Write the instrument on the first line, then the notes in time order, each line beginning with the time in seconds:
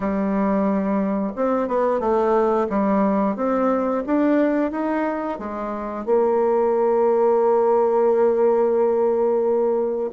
bassoon
0.00 G3
1.35 C4
1.68 B3
1.99 A3
2.69 G3
3.36 C4
4.06 D4
4.71 D#4
5.38 G#3
6.05 A#3